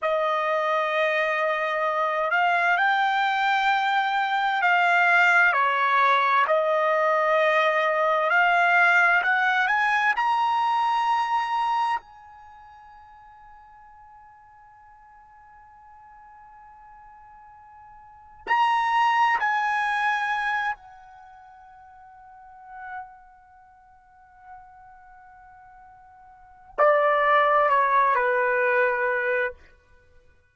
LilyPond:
\new Staff \with { instrumentName = "trumpet" } { \time 4/4 \tempo 4 = 65 dis''2~ dis''8 f''8 g''4~ | g''4 f''4 cis''4 dis''4~ | dis''4 f''4 fis''8 gis''8 ais''4~ | ais''4 gis''2.~ |
gis''1 | ais''4 gis''4. fis''4.~ | fis''1~ | fis''4 d''4 cis''8 b'4. | }